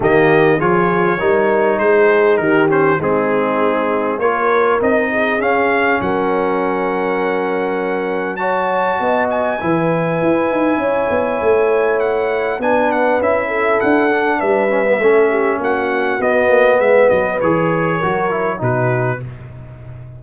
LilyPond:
<<
  \new Staff \with { instrumentName = "trumpet" } { \time 4/4 \tempo 4 = 100 dis''4 cis''2 c''4 | ais'8 c''8 gis'2 cis''4 | dis''4 f''4 fis''2~ | fis''2 a''4. gis''8~ |
gis''1 | fis''4 gis''8 fis''8 e''4 fis''4 | e''2 fis''4 dis''4 | e''8 dis''8 cis''2 b'4 | }
  \new Staff \with { instrumentName = "horn" } { \time 4/4 g'4 gis'4 ais'4 gis'4 | g'4 dis'2 ais'4~ | ais'8 gis'4. ais'2~ | ais'2 cis''4 dis''4 |
b'2 cis''2~ | cis''4 b'4. a'4. | b'4 a'8 g'8 fis'2 | b'2 ais'4 fis'4 | }
  \new Staff \with { instrumentName = "trombone" } { \time 4/4 ais4 f'4 dis'2~ | dis'8 cis'8 c'2 f'4 | dis'4 cis'2.~ | cis'2 fis'2 |
e'1~ | e'4 d'4 e'4. d'8~ | d'8 cis'16 b16 cis'2 b4~ | b4 gis'4 fis'8 e'8 dis'4 | }
  \new Staff \with { instrumentName = "tuba" } { \time 4/4 dis4 f4 g4 gis4 | dis4 gis2 ais4 | c'4 cis'4 fis2~ | fis2. b4 |
e4 e'8 dis'8 cis'8 b8 a4~ | a4 b4 cis'4 d'4 | g4 a4 ais4 b8 ais8 | gis8 fis8 e4 fis4 b,4 | }
>>